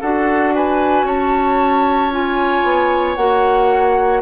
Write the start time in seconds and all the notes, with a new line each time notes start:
0.00 D4 F#4 A4 F#5
0.54 B4 G#5
1.03 C#4 C#5 A5
2.11 F4 G#5
2.63 B3
3.15 A#3 F#4 F#5